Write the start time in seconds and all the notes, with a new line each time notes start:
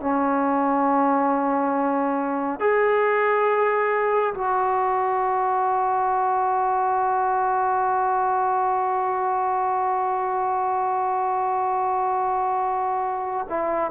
0.00 C#4
2.60 G#4
4.34 F#4
13.49 E4